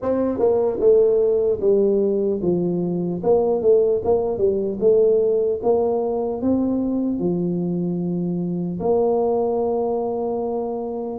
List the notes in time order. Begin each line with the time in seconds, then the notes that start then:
0.02 C4
0.39 A#3
0.80 A3
1.60 G3
2.41 F3
3.23 A#3
3.61 A3
4.04 A#3
4.37 G3
4.80 A3
5.63 A#3
6.41 C4
7.19 F3
8.80 A#3